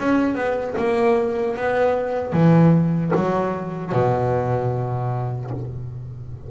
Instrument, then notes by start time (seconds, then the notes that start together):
double bass
0.00 C#4
0.36 B3
0.78 A#3
1.57 B3
2.33 E3
3.16 F#3
3.93 B2